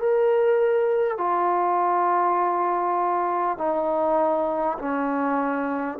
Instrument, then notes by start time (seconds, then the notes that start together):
trombone
0.00 A#4
1.18 F4
3.58 D#4
4.79 C#4